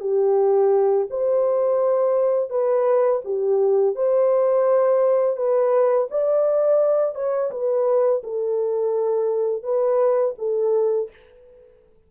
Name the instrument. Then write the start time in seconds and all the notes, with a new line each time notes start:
horn
0.00 G4
1.10 C5
2.50 B4
3.24 G4
3.95 C5
5.36 B4
6.10 D5
7.15 C#5
7.51 B4
8.23 A4
9.63 B4
10.38 A4